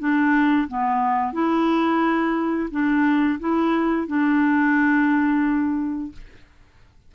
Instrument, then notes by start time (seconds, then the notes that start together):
clarinet
0.00 D4
0.69 B3
1.34 E4
2.71 D4
3.40 E4
4.08 D4